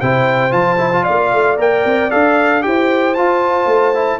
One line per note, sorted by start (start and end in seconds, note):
0.00 0.53 C3
0.00 0.51 E4
0.00 1.04 C5
0.00 0.53 G5
0.51 1.06 F3
0.51 0.77 F4
0.51 1.05 A5
0.78 0.91 E4
0.93 1.57 F4
1.04 1.33 A#3
1.04 2.62 D5
1.04 1.57 F5
1.33 1.58 A3
1.57 1.84 A#3
1.57 2.10 A#4
1.57 2.11 G5
1.86 2.12 C4
2.11 2.66 D4
2.11 2.62 A4
2.11 2.63 F5
2.62 3.18 E4
2.62 3.14 G4
2.62 4.20 C5
2.62 3.15 G5
3.15 3.95 F4
3.15 3.66 F4
3.15 4.20 A5
3.66 4.19 A3
3.95 4.20 E4